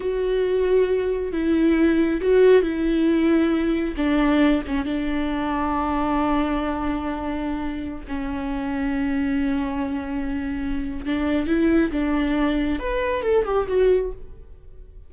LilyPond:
\new Staff \with { instrumentName = "viola" } { \time 4/4 \tempo 4 = 136 fis'2. e'4~ | e'4 fis'4 e'2~ | e'4 d'4. cis'8 d'4~ | d'1~ |
d'2~ d'16 cis'4.~ cis'16~ | cis'1~ | cis'4 d'4 e'4 d'4~ | d'4 b'4 a'8 g'8 fis'4 | }